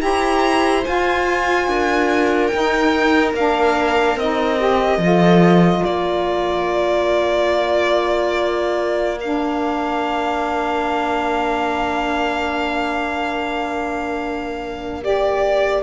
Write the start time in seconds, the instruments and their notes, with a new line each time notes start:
0.00 cello E4, saxophone G4, viola C5, violin A#5
0.84 saxophone F4, cello F4, violin G#5
1.68 cello D4, viola A#4
2.47 saxophone D#4, violin G5
2.54 cello D#4
3.34 cello A#3, saxophone D4, violin F5
4.16 cello C4, saxophone D#4, violin D#5
4.58 saxophone G4
4.98 cello F3, saxophone F4, viola A4
5.85 cello A#3, viola A#4, violin D5
9.21 saxophone D4, violin F5
15.01 saxophone G4, violin D5